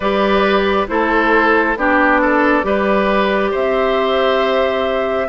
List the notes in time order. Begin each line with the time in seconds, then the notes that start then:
0.00 G3 G4 B4 D5
0.87 A3 E4 A4 C5
1.76 B3 D4 G4 D5
2.21 A4
2.62 G3 G4 B4
3.51 C4 C5 E5